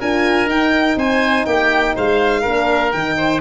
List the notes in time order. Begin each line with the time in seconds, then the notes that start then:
0.00 D4 F4 A#4 G#5
0.47 D#4 G5
0.97 C4 C5 G#5
1.46 A#3 G4 G5
1.96 G#3 C5 F5
2.42 A#3 D4 A#4
2.92 D#3 D#4 G5
3.18 C5